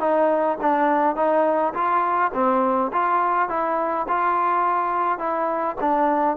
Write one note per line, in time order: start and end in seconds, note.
0.00 0.58 D#4
0.61 1.16 D4
1.16 1.74 D#4
1.74 2.32 F4
2.34 2.92 C4
2.93 3.49 F4
3.49 4.07 E4
4.08 5.19 F4
5.19 5.76 E4
5.81 6.37 D4